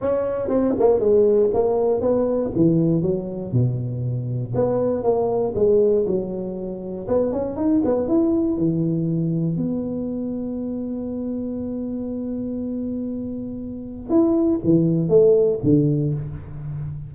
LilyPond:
\new Staff \with { instrumentName = "tuba" } { \time 4/4 \tempo 4 = 119 cis'4 c'8 ais8 gis4 ais4 | b4 e4 fis4 b,4~ | b,4 b4 ais4 gis4 | fis2 b8 cis'8 dis'8 b8 |
e'4 e2 b4~ | b1~ | b1 | e'4 e4 a4 d4 | }